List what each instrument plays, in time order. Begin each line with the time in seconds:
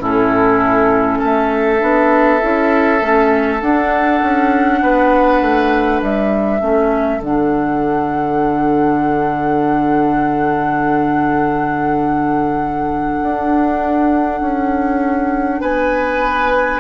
0.00 bassoon A2, clarinet C#4, oboe E4, flute A4
1.19 bassoon A3, oboe A4, flute E5
1.80 bassoon B3, clarinet D4
2.41 bassoon C#4, clarinet E4
3.00 bassoon A3, clarinet C#4
3.61 bassoon D4, clarinet D4, flute F#5
4.22 bassoon C#4
4.83 bassoon B3, oboe B4
5.42 bassoon A3
6.02 bassoon G3, flute E5
6.60 bassoon A3, clarinet C#4, oboe A4
7.20 bassoon D3, clarinet D4, flute F#5
13.22 bassoon D4
14.41 bassoon C#4
15.61 bassoon B3, oboe B4, flute G#5